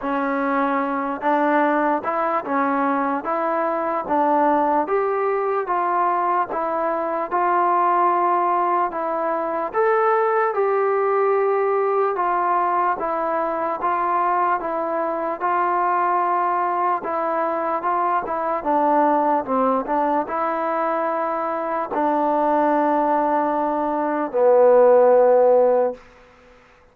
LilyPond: \new Staff \with { instrumentName = "trombone" } { \time 4/4 \tempo 4 = 74 cis'4. d'4 e'8 cis'4 | e'4 d'4 g'4 f'4 | e'4 f'2 e'4 | a'4 g'2 f'4 |
e'4 f'4 e'4 f'4~ | f'4 e'4 f'8 e'8 d'4 | c'8 d'8 e'2 d'4~ | d'2 b2 | }